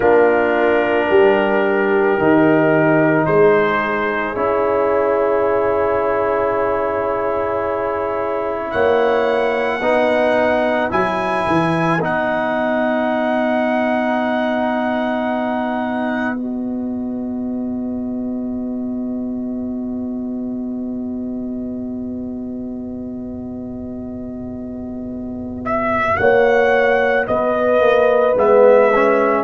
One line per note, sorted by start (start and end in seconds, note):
0.00 1.09 A#3
0.00 2.19 D4
0.00 1.08 F4
0.00 3.26 A#4
1.09 2.17 G3
1.09 3.28 G4
2.17 3.26 D#3
2.17 4.35 D#4
3.26 4.36 G#3
3.26 8.71 G#4
3.26 4.34 C5
4.34 8.72 C#4
4.34 9.81 E4
4.34 8.70 C#5
8.70 9.81 A#3
8.70 9.80 C#5
8.70 10.89 F#5
9.80 10.90 B3
9.80 10.90 D#4
9.80 26.16 B4
10.90 11.46 F#3
10.90 11.99 E4
10.90 12.00 G#5
11.46 12.00 E3
12.00 26.18 B3
12.00 16.36 D#4
12.00 16.36 F#5
16.36 28.36 F#4
16.36 25.63 D#5
25.65 26.17 E5
26.17 27.28 A#3
26.17 27.27 C#5
26.17 27.26 F#5
27.27 27.80 B3
27.27 29.44 B4
27.27 28.36 D#5
27.80 28.34 A#3
28.35 29.44 G#3
28.35 28.90 B3
28.35 29.44 E5
28.94 29.44 C#4